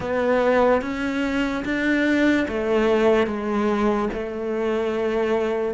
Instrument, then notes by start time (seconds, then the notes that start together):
cello
0.00 B3
0.81 C#4
1.64 D4
2.47 A3
3.27 G#3
4.13 A3